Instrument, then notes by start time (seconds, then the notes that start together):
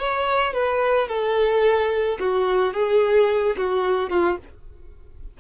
violin
0.00 C#5
0.54 B4
1.09 A4
2.20 F#4
2.74 G#4
3.58 F#4
4.10 F4